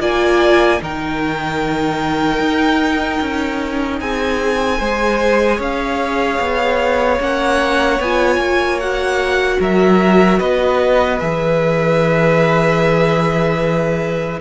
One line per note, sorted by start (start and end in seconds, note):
0.00 0.80 A#3
0.00 0.79 F4
0.00 0.81 D5
0.00 0.82 G#5
0.79 2.40 D#3
0.79 4.79 D#4
0.79 4.00 A#4
0.79 4.00 G5
2.40 3.20 D#4
3.21 4.00 C#4
4.00 4.80 C4
4.00 4.79 G#4
4.00 5.60 G#5
4.79 5.59 G#3
4.79 7.20 G#4
4.79 5.57 C5
5.57 6.39 C#4
5.57 9.57 C#5
5.57 7.22 F5
6.40 7.20 B3
7.20 8.00 A#3
7.20 8.00 C#4
7.20 8.01 F#5
8.00 8.37 B3
8.00 8.81 F4
8.00 8.80 G#5
8.37 9.57 A#3
8.80 11.20 F#4
8.80 9.60 F#5
9.60 10.40 F#3
9.60 10.39 A#4
9.60 10.40 E5
10.39 11.21 B3
10.39 14.39 B4
10.39 11.20 D#5
11.20 14.41 E3
11.20 14.40 G#4
11.20 14.40 E5